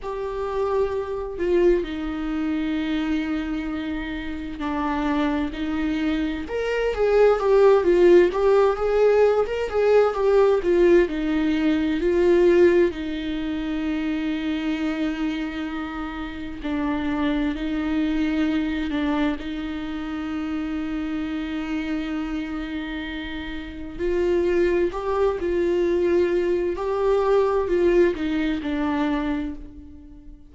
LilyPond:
\new Staff \with { instrumentName = "viola" } { \time 4/4 \tempo 4 = 65 g'4. f'8 dis'2~ | dis'4 d'4 dis'4 ais'8 gis'8 | g'8 f'8 g'8 gis'8. ais'16 gis'8 g'8 f'8 | dis'4 f'4 dis'2~ |
dis'2 d'4 dis'4~ | dis'8 d'8 dis'2.~ | dis'2 f'4 g'8 f'8~ | f'4 g'4 f'8 dis'8 d'4 | }